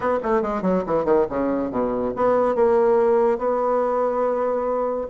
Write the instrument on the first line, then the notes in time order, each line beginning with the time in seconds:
bassoon
0.00 B3
0.22 A3
0.42 G#3
0.62 F#3
0.86 E3
1.04 D#3
1.29 C#3
1.70 B2
2.15 B3
2.55 A#3
3.38 B3